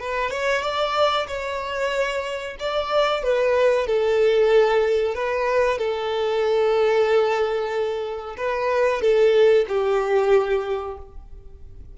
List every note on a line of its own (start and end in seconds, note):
0.00 0.30 B4
0.30 0.62 C#5
0.62 1.27 D5
1.28 2.57 C#5
2.59 3.23 D5
3.23 3.87 B4
3.87 5.15 A4
5.15 5.78 B4
5.78 8.36 A4
8.37 9.01 B4
9.01 9.66 A4
9.68 10.97 G4